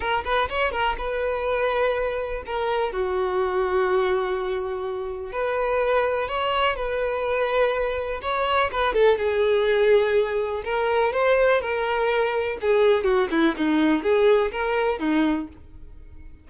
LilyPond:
\new Staff \with { instrumentName = "violin" } { \time 4/4 \tempo 4 = 124 ais'8 b'8 cis''8 ais'8 b'2~ | b'4 ais'4 fis'2~ | fis'2. b'4~ | b'4 cis''4 b'2~ |
b'4 cis''4 b'8 a'8 gis'4~ | gis'2 ais'4 c''4 | ais'2 gis'4 fis'8 e'8 | dis'4 gis'4 ais'4 dis'4 | }